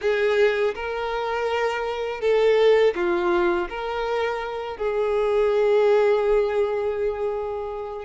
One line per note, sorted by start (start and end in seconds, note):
0.01 0.74 G#4
0.74 2.21 A#4
2.21 2.94 A4
2.95 3.68 F4
3.69 4.77 A#4
4.77 8.05 G#4